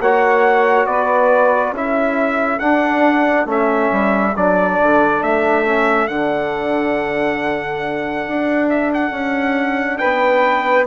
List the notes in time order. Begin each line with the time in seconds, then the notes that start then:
0.00 A#3 F#4 C#5 F#5
0.86 B3 B4 D5
1.72 C#4 E4 A4 E5
2.59 D4 F#5
3.46 A3 C#4 E5
3.92 G3
4.36 F#3 D4 D5
4.83 D3
5.22 A3 E5
5.66 C#4
6.08 D3 D4 F#5
8.28 D4
8.70 E5
8.94 F#5
9.12 C#4
9.98 B3 B4 G5